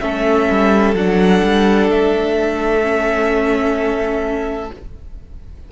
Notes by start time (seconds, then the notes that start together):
0.00 A3 C#4 A4 E5
0.50 G3
0.94 F#3 D4 F#5
1.42 G3
1.89 A3 E5
2.82 C#4